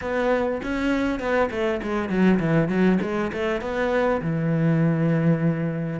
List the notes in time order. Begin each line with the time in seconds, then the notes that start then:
0.01 B3
0.62 C#4
1.19 B3
1.50 A3
1.82 G#3
2.09 F#3
2.39 E3
2.68 F#3
3.01 G#3
3.32 A3
3.61 B3
4.21 E3